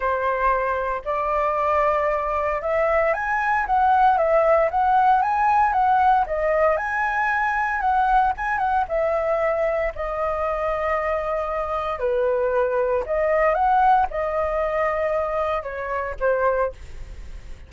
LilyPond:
\new Staff \with { instrumentName = "flute" } { \time 4/4 \tempo 4 = 115 c''2 d''2~ | d''4 e''4 gis''4 fis''4 | e''4 fis''4 gis''4 fis''4 | dis''4 gis''2 fis''4 |
gis''8 fis''8 e''2 dis''4~ | dis''2. b'4~ | b'4 dis''4 fis''4 dis''4~ | dis''2 cis''4 c''4 | }